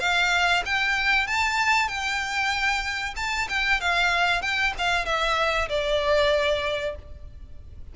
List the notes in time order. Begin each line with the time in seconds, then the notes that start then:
0.00 F5
0.65 G5
1.27 A5
1.88 G5
3.16 A5
3.49 G5
3.81 F5
4.42 G5
4.78 F5
5.06 E5
5.69 D5